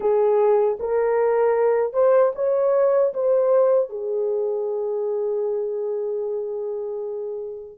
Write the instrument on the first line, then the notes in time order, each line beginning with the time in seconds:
horn
0.00 G#4
0.79 A#4
1.93 C5
2.35 C#5
3.13 C5
3.89 G#4